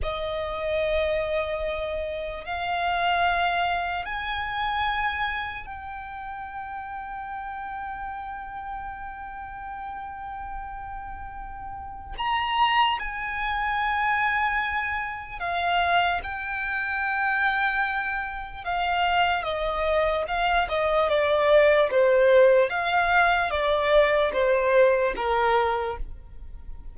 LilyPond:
\new Staff \with { instrumentName = "violin" } { \time 4/4 \tempo 4 = 74 dis''2. f''4~ | f''4 gis''2 g''4~ | g''1~ | g''2. ais''4 |
gis''2. f''4 | g''2. f''4 | dis''4 f''8 dis''8 d''4 c''4 | f''4 d''4 c''4 ais'4 | }